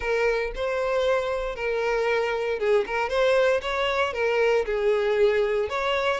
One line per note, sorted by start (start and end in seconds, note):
0.00 0.52 A#4
0.55 1.55 C5
1.55 2.59 A#4
2.59 2.84 G#4
2.86 3.09 A#4
3.09 3.60 C5
3.61 4.13 C#5
4.13 4.65 A#4
4.65 5.69 G#4
5.69 6.20 C#5